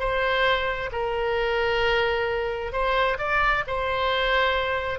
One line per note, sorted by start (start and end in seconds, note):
0.00 0.90 C5
0.92 2.73 A#4
2.73 3.18 C5
3.19 3.64 D5
3.67 5.00 C5